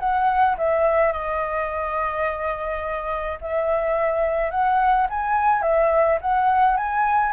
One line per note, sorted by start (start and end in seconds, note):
0.00 0.57 F#5
0.58 1.13 E5
1.13 3.39 D#5
3.42 4.51 E5
4.51 5.08 F#5
5.10 5.62 G#5
5.62 6.19 E5
6.21 6.77 F#5
6.77 7.33 G#5